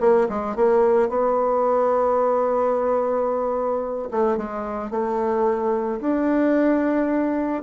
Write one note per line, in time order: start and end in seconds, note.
0.00 0.27 A#3
0.29 0.56 G#3
0.56 1.09 A#3
1.09 4.09 B3
4.11 4.37 A3
4.37 4.90 G#3
4.90 6.00 A3
6.00 7.63 D4